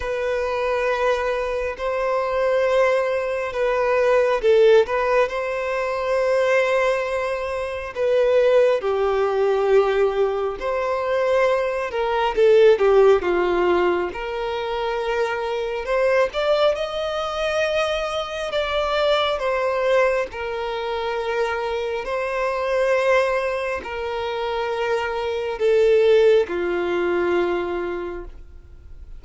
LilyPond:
\new Staff \with { instrumentName = "violin" } { \time 4/4 \tempo 4 = 68 b'2 c''2 | b'4 a'8 b'8 c''2~ | c''4 b'4 g'2 | c''4. ais'8 a'8 g'8 f'4 |
ais'2 c''8 d''8 dis''4~ | dis''4 d''4 c''4 ais'4~ | ais'4 c''2 ais'4~ | ais'4 a'4 f'2 | }